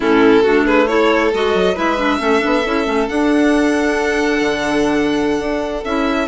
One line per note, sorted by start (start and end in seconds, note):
0.00 0.43 A2
0.00 0.44 C#4
0.00 0.42 E4
0.00 0.66 A4
0.42 1.33 A3
0.42 0.87 D4
0.42 0.64 F#4
0.65 0.87 G#4
0.65 0.87 B4
0.87 1.31 E4
0.87 1.74 A4
0.87 1.31 C#5
1.33 1.54 G#3
1.33 1.75 F#4
1.33 1.77 D#5
1.54 1.76 F#3
1.74 2.19 G#3
1.74 1.97 E4
1.74 2.18 B4
1.74 3.08 E5
1.97 2.19 D4
2.19 2.41 A3
2.19 2.39 C#4
2.19 6.28 A4
2.39 2.65 B3
2.39 2.61 D4
2.65 2.86 C#4
2.65 2.85 E4
2.85 3.08 A3
2.85 3.07 C#4
3.08 5.84 D4
3.08 4.41 D4
3.08 5.84 F#5
4.41 5.39 D3
5.39 5.83 D4
5.84 6.28 C#4
5.84 6.28 E4
5.84 6.28 E5